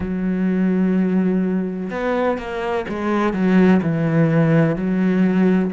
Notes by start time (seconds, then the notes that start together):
0.00 F#3
1.90 B3
2.38 A#3
2.88 G#3
3.33 F#3
3.82 E3
4.76 F#3